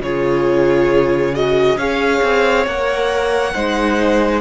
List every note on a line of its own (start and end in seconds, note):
0.00 1.76 C#3
0.00 1.34 F4
0.00 1.79 G#4
0.00 1.35 C#5
1.34 1.78 F#4
1.34 1.78 D#5
1.77 2.21 C#4
1.77 2.67 G#4
1.77 3.53 C#5
1.77 2.66 F5
2.23 2.66 C4
2.66 3.55 A#3
2.66 3.54 A#4
2.66 4.41 F#5
3.53 4.41 G#3
3.53 4.41 D#4
3.53 4.41 C5